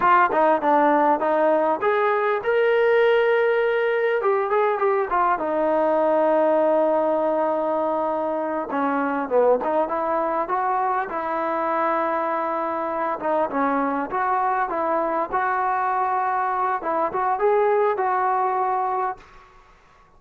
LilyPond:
\new Staff \with { instrumentName = "trombone" } { \time 4/4 \tempo 4 = 100 f'8 dis'8 d'4 dis'4 gis'4 | ais'2. g'8 gis'8 | g'8 f'8 dis'2.~ | dis'2~ dis'8 cis'4 b8 |
dis'8 e'4 fis'4 e'4.~ | e'2 dis'8 cis'4 fis'8~ | fis'8 e'4 fis'2~ fis'8 | e'8 fis'8 gis'4 fis'2 | }